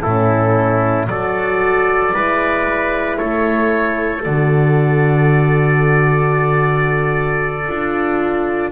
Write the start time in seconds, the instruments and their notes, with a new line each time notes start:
0.00 double bass A2, horn C#4, trumpet E4, oboe A4
1.07 double bass F#3, horn F#4, trumpet A4, oboe D5
2.11 double bass G#3, horn E4, trumpet B4
3.16 double bass A3, trumpet A4, oboe C#5
4.22 double bass D3, horn F#4, oboe D5
7.68 double bass D4, horn F4